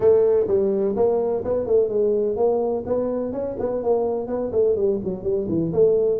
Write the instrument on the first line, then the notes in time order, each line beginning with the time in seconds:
tuba
0.00 A3
0.47 G3
0.95 A#3
1.44 B3
1.66 A3
1.88 G#3
2.36 A#3
2.85 B3
3.32 C#4
3.59 B3
3.83 A#3
4.27 B3
4.52 A3
4.76 G3
5.04 F#3
5.23 G3
5.48 E3
5.73 A3